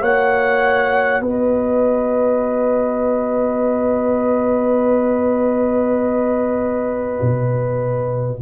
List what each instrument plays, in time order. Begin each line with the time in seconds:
0.00 tuba A#3, trombone F#4, horn C#5, trumpet F#5
1.20 tuba B3, horn B4, trumpet D#5
7.21 tuba B2